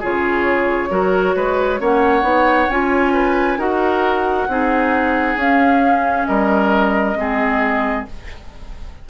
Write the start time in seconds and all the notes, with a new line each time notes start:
0.00 C#3 F4 G#4 C#5
0.90 F#3 F#4 A#4
1.36 G#3 B4
1.79 A#3 C#4 C#5 F#5
2.23 B3 D#4
2.69 C#4 F4 G#5
3.14 B4
3.58 D#4 F#4 A#4 F#5
4.48 C4 D#4 G#4
5.36 C#4 F5
6.26 G3 A#4 D#5
7.16 G#3 C4 G#4